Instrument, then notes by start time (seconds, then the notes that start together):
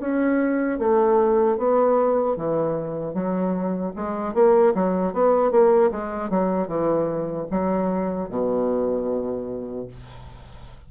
bassoon
0.00 C#4
0.79 A3
1.58 B3
2.36 E3
3.14 F#3
3.95 G#3
4.34 A#3
4.75 F#3
5.13 B3
5.52 A#3
5.91 G#3
6.30 F#3
6.68 E3
7.51 F#3
8.29 B2